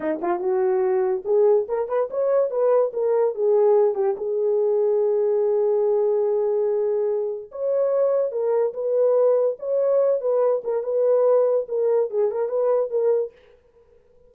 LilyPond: \new Staff \with { instrumentName = "horn" } { \time 4/4 \tempo 4 = 144 dis'8 f'8 fis'2 gis'4 | ais'8 b'8 cis''4 b'4 ais'4 | gis'4. g'8 gis'2~ | gis'1~ |
gis'2 cis''2 | ais'4 b'2 cis''4~ | cis''8 b'4 ais'8 b'2 | ais'4 gis'8 ais'8 b'4 ais'4 | }